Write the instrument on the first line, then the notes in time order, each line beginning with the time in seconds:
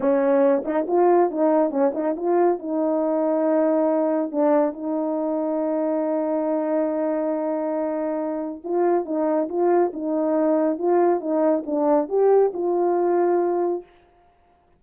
horn
0.00 C#4
0.64 D#4
0.87 F4
1.30 D#4
1.70 C#4
1.93 D#4
2.16 F4
2.59 D#4
4.31 D4
4.73 D#4
8.64 F4
9.05 D#4
9.48 F4
9.93 D#4
10.78 F4
11.20 D#4
11.66 D4
12.08 G4
12.53 F4